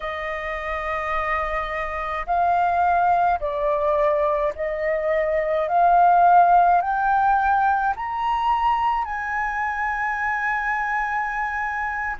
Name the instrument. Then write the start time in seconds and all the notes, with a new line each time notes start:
flute
0.00 D#5
2.26 F5
3.40 D5
4.55 D#5
5.68 F5
6.81 G5
7.96 A#5
9.05 G#5